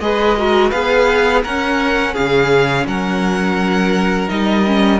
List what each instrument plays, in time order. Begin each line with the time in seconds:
0.00 cello G#3, viola G#4, violin B4 D#5
0.38 viola F#4, violin A#4
0.70 cello B3, viola G#4, violin B4 F5
1.43 viola C#4, cello C#4, violin A#4 F#5
2.13 cello C#3, violin G#4 F5
2.86 cello F#3, violin A#4 F#5
4.29 cello G3, viola D#4, violin D#5
4.67 viola C#4